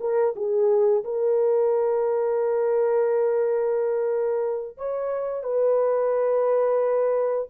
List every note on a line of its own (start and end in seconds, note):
0.00 0.34 A#4
0.35 1.04 G#4
1.04 4.77 A#4
4.77 5.43 C#5
5.43 7.48 B4